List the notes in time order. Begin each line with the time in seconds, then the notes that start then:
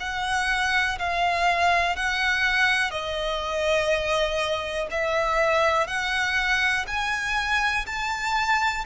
0.00 F#5
0.99 F5
1.96 F#5
2.91 D#5
4.91 E5
5.87 F#5
6.87 G#5
7.86 A5